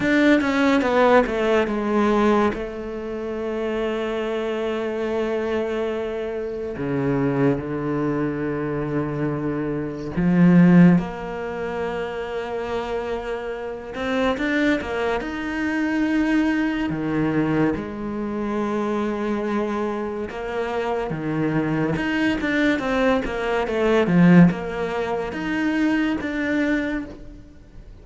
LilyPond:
\new Staff \with { instrumentName = "cello" } { \time 4/4 \tempo 4 = 71 d'8 cis'8 b8 a8 gis4 a4~ | a1 | cis4 d2. | f4 ais2.~ |
ais8 c'8 d'8 ais8 dis'2 | dis4 gis2. | ais4 dis4 dis'8 d'8 c'8 ais8 | a8 f8 ais4 dis'4 d'4 | }